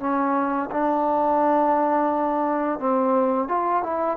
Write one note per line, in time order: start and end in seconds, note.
0.00 0.70 C#4
0.71 2.79 D4
2.79 3.48 C4
3.48 3.83 F4
3.83 4.17 E4